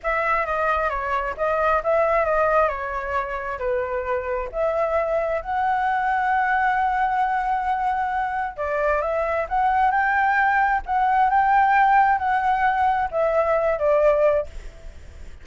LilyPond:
\new Staff \with { instrumentName = "flute" } { \time 4/4 \tempo 4 = 133 e''4 dis''4 cis''4 dis''4 | e''4 dis''4 cis''2 | b'2 e''2 | fis''1~ |
fis''2. d''4 | e''4 fis''4 g''2 | fis''4 g''2 fis''4~ | fis''4 e''4. d''4. | }